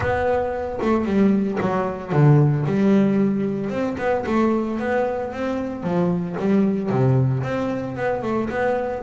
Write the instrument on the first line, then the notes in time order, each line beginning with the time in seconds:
double bass
0.00 B3
0.81 A3
1.05 G3
1.60 F#3
2.12 D3
2.66 G3
3.70 C4
3.98 B3
4.26 A3
4.79 B3
5.32 C4
5.83 F3
6.39 G3
6.89 C3
7.43 C4
7.96 B3
8.22 A3
8.49 B3